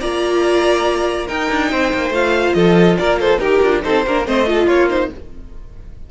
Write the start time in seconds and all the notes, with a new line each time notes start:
0.00 A#3 F4 D5 A#5
1.27 D#4 A#4 G5
1.51 D4
1.71 C4 C5
1.94 A#3
2.10 A3 F4 F5
2.54 F3 A4 D#5
2.97 A#3 A#4 D5
3.20 A4 C5
3.39 D#4 G4 A#4
3.63 D4 F4
3.83 C4 D#4 A4 C5
4.06 A#3 D4 A#4
4.26 A3 C4 C5 D#5
4.46 F4 A4
4.67 A#3 F4 C#5
4.89 D#4 C5